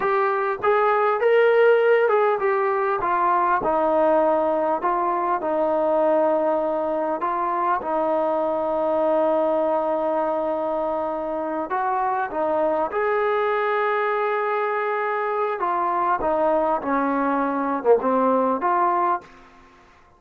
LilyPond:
\new Staff \with { instrumentName = "trombone" } { \time 4/4 \tempo 4 = 100 g'4 gis'4 ais'4. gis'8 | g'4 f'4 dis'2 | f'4 dis'2. | f'4 dis'2.~ |
dis'2.~ dis'8 fis'8~ | fis'8 dis'4 gis'2~ gis'8~ | gis'2 f'4 dis'4 | cis'4.~ cis'16 ais16 c'4 f'4 | }